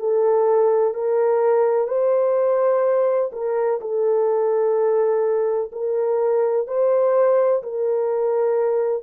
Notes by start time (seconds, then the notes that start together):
0.00 A4
0.94 A#4
1.88 C5
3.33 A#4
3.81 A4
5.72 A#4
6.68 C5
7.63 A#4